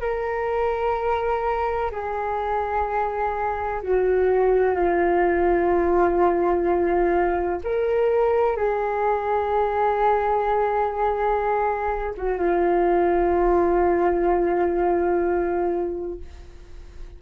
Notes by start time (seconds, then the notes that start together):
0.00 A#4
1.91 G#4
3.82 F#4
4.74 F4
7.64 A#4
8.56 G#4
12.17 F#4
12.38 F4